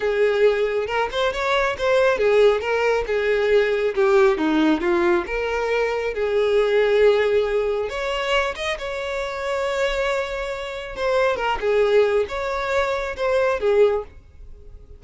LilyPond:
\new Staff \with { instrumentName = "violin" } { \time 4/4 \tempo 4 = 137 gis'2 ais'8 c''8 cis''4 | c''4 gis'4 ais'4 gis'4~ | gis'4 g'4 dis'4 f'4 | ais'2 gis'2~ |
gis'2 cis''4. dis''8 | cis''1~ | cis''4 c''4 ais'8 gis'4. | cis''2 c''4 gis'4 | }